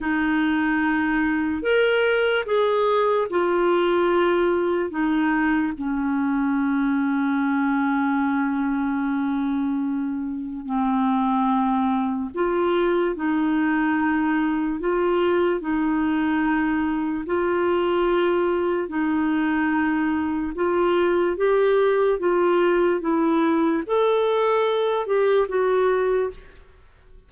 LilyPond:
\new Staff \with { instrumentName = "clarinet" } { \time 4/4 \tempo 4 = 73 dis'2 ais'4 gis'4 | f'2 dis'4 cis'4~ | cis'1~ | cis'4 c'2 f'4 |
dis'2 f'4 dis'4~ | dis'4 f'2 dis'4~ | dis'4 f'4 g'4 f'4 | e'4 a'4. g'8 fis'4 | }